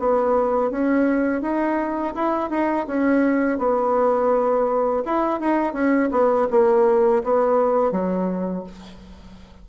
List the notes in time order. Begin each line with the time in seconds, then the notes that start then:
0.00 B3
0.71 C#4
1.42 D#4
2.16 E4
2.51 D#4
2.88 C#4
3.59 B3
5.06 E4
5.41 D#4
5.74 C#4
6.12 B3
6.51 A#3
7.24 B3
7.92 F#3